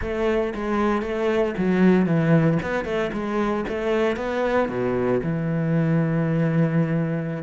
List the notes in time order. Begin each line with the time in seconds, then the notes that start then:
0.01 A3
0.54 G#3
1.02 A3
1.57 F#3
2.06 E3
2.62 B3
2.84 A3
3.12 G#3
3.68 A3
4.16 B3
4.68 B2
5.23 E3